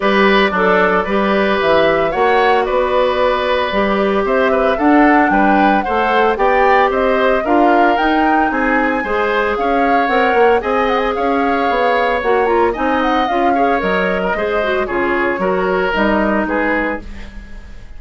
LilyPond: <<
  \new Staff \with { instrumentName = "flute" } { \time 4/4 \tempo 4 = 113 d''2. e''4 | fis''4 d''2. | e''4 fis''4 g''4 fis''4 | g''4 dis''4 f''4 g''4 |
gis''2 f''4 fis''4 | gis''8 fis''16 gis''16 f''2 fis''8 ais''8 | gis''8 fis''8 f''4 dis''2 | cis''2 dis''4 b'4 | }
  \new Staff \with { instrumentName = "oboe" } { \time 4/4 b'4 d'4 b'2 | cis''4 b'2. | c''8 b'8 a'4 b'4 c''4 | d''4 c''4 ais'2 |
gis'4 c''4 cis''2 | dis''4 cis''2. | dis''4. cis''4~ cis''16 ais'16 c''4 | gis'4 ais'2 gis'4 | }
  \new Staff \with { instrumentName = "clarinet" } { \time 4/4 g'4 a'4 g'2 | fis'2. g'4~ | g'4 d'2 a'4 | g'2 f'4 dis'4~ |
dis'4 gis'2 ais'4 | gis'2. fis'8 f'8 | dis'4 f'8 gis'8 ais'4 gis'8 fis'8 | f'4 fis'4 dis'2 | }
  \new Staff \with { instrumentName = "bassoon" } { \time 4/4 g4 fis4 g4 e4 | ais4 b2 g4 | c'4 d'4 g4 a4 | b4 c'4 d'4 dis'4 |
c'4 gis4 cis'4 c'8 ais8 | c'4 cis'4 b4 ais4 | c'4 cis'4 fis4 gis4 | cis4 fis4 g4 gis4 | }
>>